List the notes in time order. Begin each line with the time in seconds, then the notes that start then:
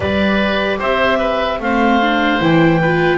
0.00 G3 G4 B4 D5
0.79 C4 C5 E5
1.18 B4
1.59 A3 C4 C5 F5
2.01 D4
2.40 E3 E4 G5
2.81 F4 B4